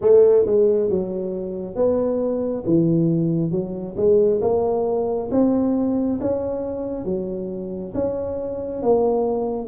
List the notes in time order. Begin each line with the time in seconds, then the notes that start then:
0.01 A3
0.45 G#3
0.89 F#3
1.75 B3
2.66 E3
3.51 F#3
3.96 G#3
4.41 A#3
5.31 C4
6.20 C#4
7.05 F#3
7.94 C#4
8.82 A#3